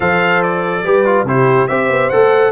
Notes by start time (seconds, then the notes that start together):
0.00 F3 A4 C5 F5
0.42 D5
0.84 G3 G4 B4
1.05 F4
1.24 C3 E4 G4 C5
1.67 C4 G4 C5 E5
1.88 B3
2.09 A3 A4 F#5